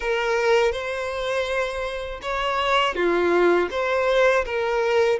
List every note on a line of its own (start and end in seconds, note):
0.00 0.72 A#4
0.72 2.20 C5
2.22 2.95 C#5
2.95 3.68 F4
3.70 4.44 C5
4.45 5.19 A#4